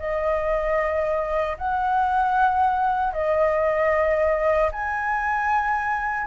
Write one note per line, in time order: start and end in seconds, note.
0.00 1.58 D#5
1.58 3.13 F#5
3.13 4.71 D#5
4.72 6.27 G#5